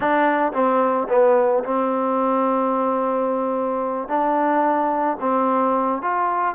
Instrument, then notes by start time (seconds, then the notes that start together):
trombone
0.00 D4
0.53 C4
1.09 B3
1.64 C4
4.08 D4
5.20 C4
6.01 F4